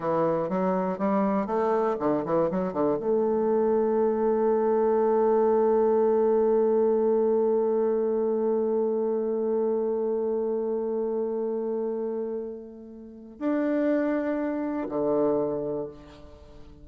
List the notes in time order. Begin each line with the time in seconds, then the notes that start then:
0.00 E3
0.49 F#3
0.98 G3
1.46 A3
1.99 D3
2.25 E3
2.50 F#3
2.73 D3
2.99 A3
13.39 D4
14.88 D3